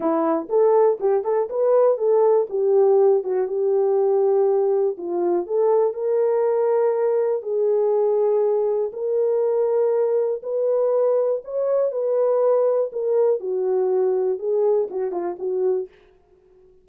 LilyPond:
\new Staff \with { instrumentName = "horn" } { \time 4/4 \tempo 4 = 121 e'4 a'4 g'8 a'8 b'4 | a'4 g'4. fis'8 g'4~ | g'2 f'4 a'4 | ais'2. gis'4~ |
gis'2 ais'2~ | ais'4 b'2 cis''4 | b'2 ais'4 fis'4~ | fis'4 gis'4 fis'8 f'8 fis'4 | }